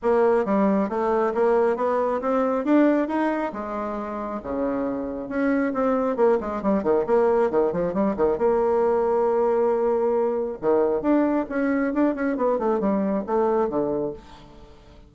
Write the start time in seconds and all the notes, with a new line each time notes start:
0.02 A#3
0.45 G3
0.89 A3
1.34 A#3
1.76 B3
2.21 C4
2.64 D4
3.08 D#4
3.52 G#3
4.42 C#3
5.28 C#4
5.73 C4
6.16 A#3
6.40 G#3
6.62 G3
6.83 D#3
7.06 A#3
7.50 D#3
7.72 F3
7.93 G3
8.16 D#3
8.37 A#3
10.61 D#3
11.01 D4
11.49 C#4
11.93 D4
12.14 C#4
12.36 B3
12.59 A3
12.80 G3
13.26 A3
13.69 D3